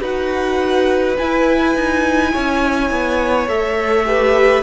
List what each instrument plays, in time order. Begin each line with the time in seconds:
0.00 cello D#4, viola F#4, violin B4 F#5
1.17 viola E4, cello E4, violin G#5
1.75 cello D#4
2.32 cello C#4, violin C#5
2.90 cello B3
3.47 cello A3, viola A4, violin E5
4.05 viola G4, violin B4